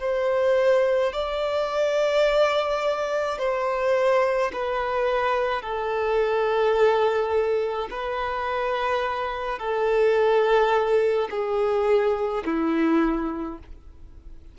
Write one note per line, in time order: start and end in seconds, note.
0.00 1.13 C5
1.13 3.39 D5
3.39 4.52 C5
4.53 5.62 B4
5.62 7.89 A4
7.91 9.59 B4
9.59 11.29 A4
11.31 12.44 G#4
12.45 13.58 E4